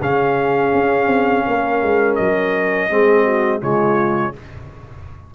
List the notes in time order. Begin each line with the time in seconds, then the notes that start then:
0.00 C#3 C#4 G#4 F5
0.73 C#4
1.07 C4
1.45 A#3 A#4
1.82 G#3
2.15 F#3 D#5
2.90 G#3 C4 G#4
3.24 F#4
3.61 C#3 G#3 F4 C#5